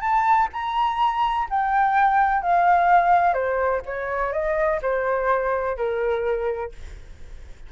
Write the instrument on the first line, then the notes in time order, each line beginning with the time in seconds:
flute
0.00 A5
0.52 A#5
1.50 G5
2.42 F5
3.33 C5
3.85 C#5
4.32 D#5
4.82 C5
5.76 A#4